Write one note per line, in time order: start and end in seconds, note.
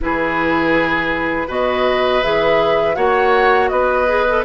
0.00 1.47 E3
0.00 1.48 E4
0.00 1.47 G#4
0.00 1.50 B4
1.47 2.21 B2
1.47 2.22 F#4
1.47 2.95 B4
1.47 2.23 D#5
2.22 2.96 E3
2.22 2.95 G#4
2.22 2.95 E5
2.95 3.70 A#3
2.95 4.06 F#4
2.95 3.70 C#5
2.95 3.68 F#5
3.68 4.44 B3
3.68 4.44 B4
3.68 4.42 D#5
4.07 4.25 G#4
4.28 4.44 A4